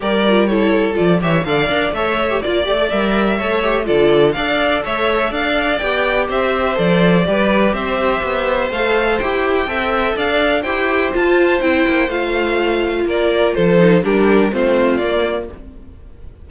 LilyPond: <<
  \new Staff \with { instrumentName = "violin" } { \time 4/4 \tempo 4 = 124 d''4 cis''4 d''8 e''8 f''4 | e''4 d''4 e''2 | d''4 f''4 e''4 f''4 | g''4 e''4 d''2 |
e''2 f''4 g''4~ | g''4 f''4 g''4 a''4 | g''4 f''2 d''4 | c''4 ais'4 c''4 d''4 | }
  \new Staff \with { instrumentName = "violin" } { \time 4/4 ais'4 a'4. cis''8 d''4 | cis''4 d''2 cis''4 | a'4 d''4 cis''4 d''4~ | d''4 c''2 b'4 |
c''1 | e''4 d''4 c''2~ | c''2. ais'4 | a'4 g'4 f'2 | }
  \new Staff \with { instrumentName = "viola" } { \time 4/4 g'8 f'8 e'4 f'8 g'8 a'8 ais'8 | a'8. g'16 f'8 g'16 a'16 ais'4 a'8 g'8 | f'4 a'2. | g'2 a'4 g'4~ |
g'2 a'4 g'4 | a'2 g'4 f'4 | e'4 f'2.~ | f'8 dis'8 d'4 c'4 ais4 | }
  \new Staff \with { instrumentName = "cello" } { \time 4/4 g2 f8 e8 d8 d'8 | a4 ais8 a8 g4 a4 | d4 d'4 a4 d'4 | b4 c'4 f4 g4 |
c'4 b4 a4 e'4 | c'4 d'4 e'4 f'4 | c'8 ais8 a2 ais4 | f4 g4 a4 ais4 | }
>>